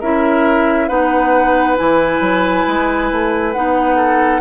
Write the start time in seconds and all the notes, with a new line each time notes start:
0.00 C#4 E4 A#4 E5
0.88 B3 D#4 B4 F#5
1.77 E3 E4 G#5
2.20 F#3
2.68 G#3
3.11 A3
3.53 B3 D#4 F#5
3.96 A4